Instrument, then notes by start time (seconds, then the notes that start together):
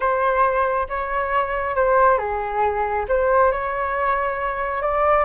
flute
0.00 C5
0.88 C#5
1.75 C5
2.18 G#4
3.08 C5
3.51 C#5
4.82 D5